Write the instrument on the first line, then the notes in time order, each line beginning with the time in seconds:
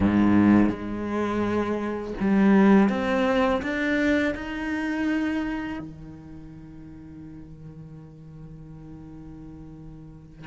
cello
0.00 G#2
0.69 G#3
2.20 G3
2.89 C4
3.61 D4
4.34 D#4
5.79 D#3